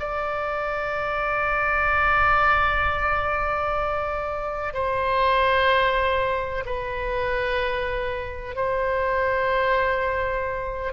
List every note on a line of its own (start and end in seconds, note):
0.00 4.74 D5
4.74 6.64 C5
6.65 8.55 B4
8.55 10.93 C5